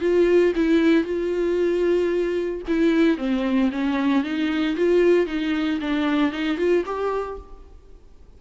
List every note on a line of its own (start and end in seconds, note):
0.00 0.53 F4
0.55 1.04 E4
1.04 2.61 F4
2.67 3.17 E4
3.17 3.70 C4
3.71 4.23 C#4
4.23 4.76 D#4
4.76 5.26 F4
5.26 5.79 D#4
5.80 6.32 D4
6.32 6.57 D#4
6.57 6.84 F4
6.85 7.38 G4